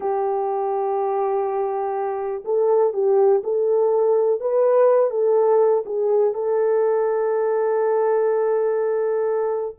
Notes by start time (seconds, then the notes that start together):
0.00 G4
2.44 A4
2.93 G4
3.43 A4
4.40 B4
5.10 A4
5.85 G#4
6.33 A4